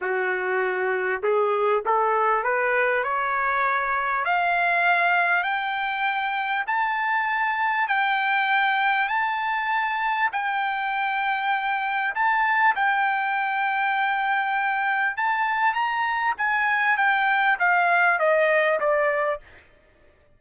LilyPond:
\new Staff \with { instrumentName = "trumpet" } { \time 4/4 \tempo 4 = 99 fis'2 gis'4 a'4 | b'4 cis''2 f''4~ | f''4 g''2 a''4~ | a''4 g''2 a''4~ |
a''4 g''2. | a''4 g''2.~ | g''4 a''4 ais''4 gis''4 | g''4 f''4 dis''4 d''4 | }